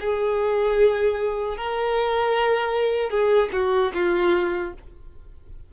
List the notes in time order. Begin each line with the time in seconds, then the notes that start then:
0.00 G#4
1.57 A#4
3.10 G#4
3.52 F#4
3.94 F4